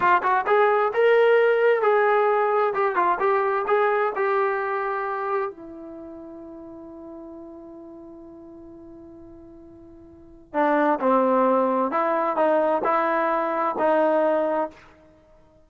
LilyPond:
\new Staff \with { instrumentName = "trombone" } { \time 4/4 \tempo 4 = 131 f'8 fis'8 gis'4 ais'2 | gis'2 g'8 f'8 g'4 | gis'4 g'2. | e'1~ |
e'1~ | e'2. d'4 | c'2 e'4 dis'4 | e'2 dis'2 | }